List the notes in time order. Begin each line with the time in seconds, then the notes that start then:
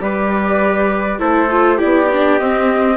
0.00 G3 G4 B4 D5
1.19 A3 E4 A4 C5
1.51 F4
1.77 E4 G4 D5
1.84 B3
2.13 D4
2.39 C4 D#5